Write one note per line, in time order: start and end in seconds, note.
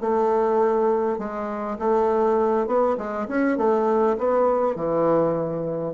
0.00 1.18 A3
1.18 1.77 G#3
1.79 2.67 A3
2.67 2.96 B3
2.97 3.27 G#3
3.28 3.58 C#4
3.58 4.17 A3
4.18 4.76 B3
4.76 5.94 E3